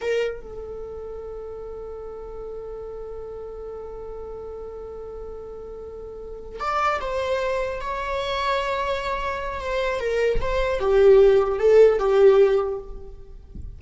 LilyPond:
\new Staff \with { instrumentName = "viola" } { \time 4/4 \tempo 4 = 150 ais'4 a'2.~ | a'1~ | a'1~ | a'1~ |
a'8 d''4 c''2 cis''8~ | cis''1 | c''4 ais'4 c''4 g'4~ | g'4 a'4 g'2 | }